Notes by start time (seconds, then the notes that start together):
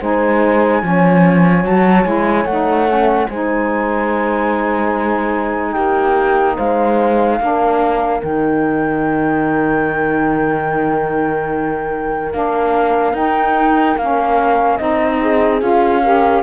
0.00 G#3 D#4 C5 G#5
0.82 F3 C#4 C#5
1.64 F#3 F#4 A5
2.04 G#3 E4 G#5
2.44 A3 D#4 F#5
2.87 C#4
3.28 G#3 D#4 C5 G#5
5.72 A#3 G4 G5
6.56 G#3 C5 F5
7.40 A#3 D4 A#4
8.21 D#3 D#4 G5
12.31 A#3 D4 F5
13.13 D#4 G5
13.97 A#3 C#4 F5
14.77 C4 D#4 D#5
15.20 G#4
15.60 C#4 F4 F5
16.03 G4 A#4